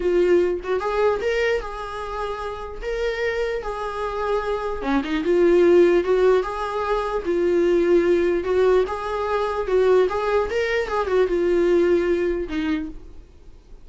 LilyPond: \new Staff \with { instrumentName = "viola" } { \time 4/4 \tempo 4 = 149 f'4. fis'8 gis'4 ais'4 | gis'2. ais'4~ | ais'4 gis'2. | cis'8 dis'8 f'2 fis'4 |
gis'2 f'2~ | f'4 fis'4 gis'2 | fis'4 gis'4 ais'4 gis'8 fis'8 | f'2. dis'4 | }